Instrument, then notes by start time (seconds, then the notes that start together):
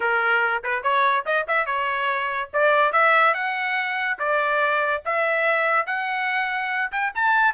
trumpet
0.00 A#4
0.63 B4
0.83 C#5
1.25 D#5
1.47 E5
1.66 C#5
2.53 D5
2.92 E5
3.34 F#5
4.18 D5
5.05 E5
5.86 F#5
6.91 G5
7.14 A5